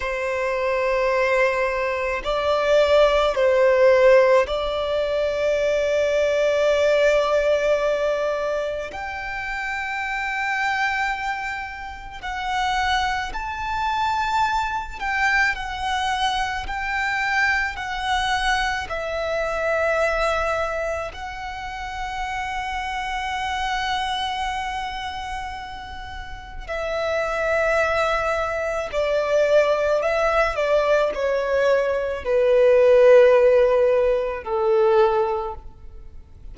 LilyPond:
\new Staff \with { instrumentName = "violin" } { \time 4/4 \tempo 4 = 54 c''2 d''4 c''4 | d''1 | g''2. fis''4 | a''4. g''8 fis''4 g''4 |
fis''4 e''2 fis''4~ | fis''1 | e''2 d''4 e''8 d''8 | cis''4 b'2 a'4 | }